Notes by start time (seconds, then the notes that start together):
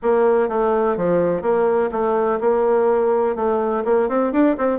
0.02 A#3
0.48 A3
0.96 F3
1.41 A#3
1.91 A3
2.40 A#3
3.35 A3
3.84 A#3
4.08 C4
4.32 D4
4.57 C4